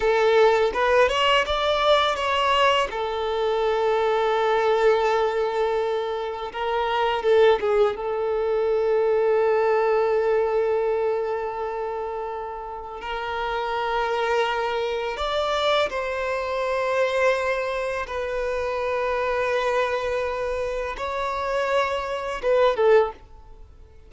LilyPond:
\new Staff \with { instrumentName = "violin" } { \time 4/4 \tempo 4 = 83 a'4 b'8 cis''8 d''4 cis''4 | a'1~ | a'4 ais'4 a'8 gis'8 a'4~ | a'1~ |
a'2 ais'2~ | ais'4 d''4 c''2~ | c''4 b'2.~ | b'4 cis''2 b'8 a'8 | }